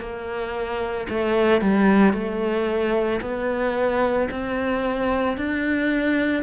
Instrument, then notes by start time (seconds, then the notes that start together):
cello
0.00 A#3
1.09 A3
1.61 G3
2.13 A3
3.21 B3
4.31 C4
5.37 D4